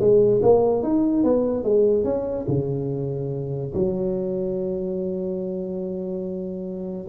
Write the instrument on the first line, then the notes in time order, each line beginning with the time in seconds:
tuba
0.00 G#3
0.43 A#3
0.83 D#4
1.24 B3
1.64 G#3
2.05 C#4
2.48 C#3
3.74 F#3